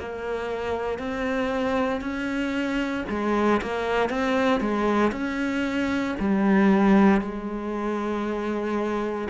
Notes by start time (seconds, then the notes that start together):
0.00 A#3
0.99 C4
2.02 C#4
3.10 G#3
3.62 A#3
4.10 C4
4.61 G#3
5.12 C#4
6.20 G3
7.22 G#3